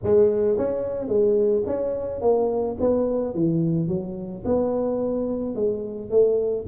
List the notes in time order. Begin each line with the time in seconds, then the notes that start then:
0.03 G#3
0.57 C#4
1.07 G#3
1.66 C#4
2.21 A#3
2.80 B3
3.34 E3
3.88 F#3
4.44 B3
5.55 G#3
6.10 A3